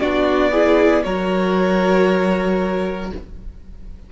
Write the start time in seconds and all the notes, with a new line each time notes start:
0.00 B3 D4 F#4 D5
0.51 E4 G#4
1.03 F#3 F#4 A#4 C#5